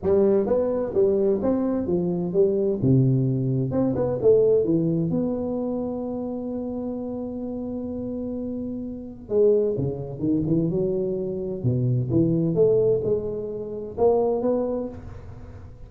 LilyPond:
\new Staff \with { instrumentName = "tuba" } { \time 4/4 \tempo 4 = 129 g4 b4 g4 c'4 | f4 g4 c2 | c'8 b8 a4 e4 b4~ | b1~ |
b1 | gis4 cis4 dis8 e8 fis4~ | fis4 b,4 e4 a4 | gis2 ais4 b4 | }